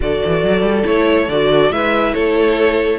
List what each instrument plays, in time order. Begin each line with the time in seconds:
0.00 cello D3, viola F#4, violin A4 D5
0.25 cello E3
0.43 cello F#3
0.62 cello G3
0.83 cello A3, viola E4, violin C#5
1.28 cello D3, viola F#4, violin D5
1.71 cello G#3, viola E4, violin B4 E5
2.13 cello A3, violin A4 C#5